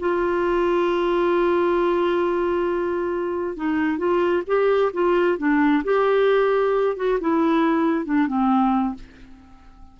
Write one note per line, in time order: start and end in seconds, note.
0.00 3.57 F4
3.57 3.98 D#4
3.98 4.43 F4
4.47 4.92 G4
4.94 5.38 F4
5.38 5.83 D4
5.85 6.97 G4
6.97 7.19 F#4
7.21 8.05 E4
8.05 8.27 D4
8.27 8.95 C4